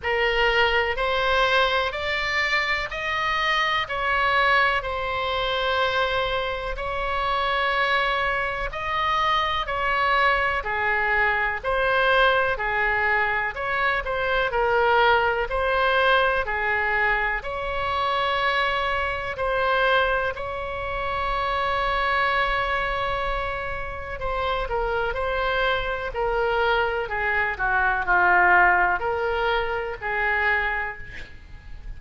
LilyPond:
\new Staff \with { instrumentName = "oboe" } { \time 4/4 \tempo 4 = 62 ais'4 c''4 d''4 dis''4 | cis''4 c''2 cis''4~ | cis''4 dis''4 cis''4 gis'4 | c''4 gis'4 cis''8 c''8 ais'4 |
c''4 gis'4 cis''2 | c''4 cis''2.~ | cis''4 c''8 ais'8 c''4 ais'4 | gis'8 fis'8 f'4 ais'4 gis'4 | }